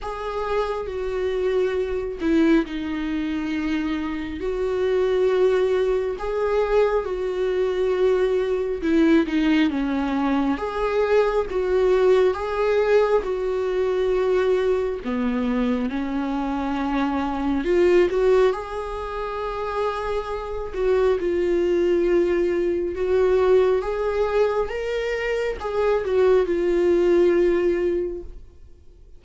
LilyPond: \new Staff \with { instrumentName = "viola" } { \time 4/4 \tempo 4 = 68 gis'4 fis'4. e'8 dis'4~ | dis'4 fis'2 gis'4 | fis'2 e'8 dis'8 cis'4 | gis'4 fis'4 gis'4 fis'4~ |
fis'4 b4 cis'2 | f'8 fis'8 gis'2~ gis'8 fis'8 | f'2 fis'4 gis'4 | ais'4 gis'8 fis'8 f'2 | }